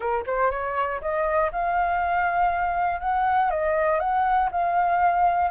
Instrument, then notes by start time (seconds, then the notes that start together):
flute
0.00 A#4
0.26 C5
0.50 C#5
1.01 D#5
1.52 F5
3.00 F#5
3.50 D#5
3.99 F#5
4.51 F5